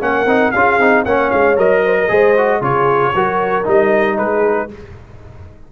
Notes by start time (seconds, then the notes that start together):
0.00 A#3 C#4 A#4 F#5
0.25 C4 D#4
0.51 C#4 F4 G#4 F5
0.78 C4 D#4
1.04 A#3 C#4 C#5 F#5
1.30 G#3 F5
1.56 F#3 A#4 D#5
1.84 C5
1.99 A#4
2.08 G#3 G#4 C5
2.37 F#4
2.59 C#3 F4 G#4 C#5
3.14 F#3 F#4 A#4
3.64 G3 D#4 D#5
4.17 G#3 G#4 B4